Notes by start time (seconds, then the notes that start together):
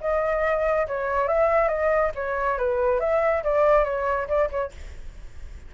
0.00 D#5
0.87 C#5
1.27 E5
1.68 D#5
2.15 C#5
2.57 B4
2.99 E5
3.43 D5
3.84 C#5
4.27 D5
4.50 C#5